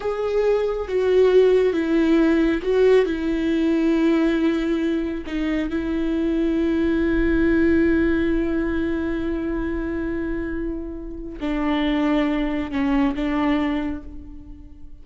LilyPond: \new Staff \with { instrumentName = "viola" } { \time 4/4 \tempo 4 = 137 gis'2 fis'2 | e'2 fis'4 e'4~ | e'1 | dis'4 e'2.~ |
e'1~ | e'1~ | e'2 d'2~ | d'4 cis'4 d'2 | }